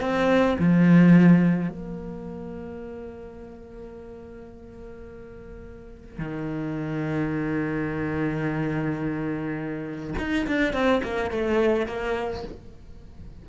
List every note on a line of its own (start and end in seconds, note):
0.00 0.57 C4
0.59 1.70 F3
1.70 6.18 A#3
6.18 10.14 D#3
10.18 10.46 D#4
10.47 10.73 D4
10.73 11.01 C4
11.03 11.31 A#3
11.31 11.86 A3
11.86 12.43 A#3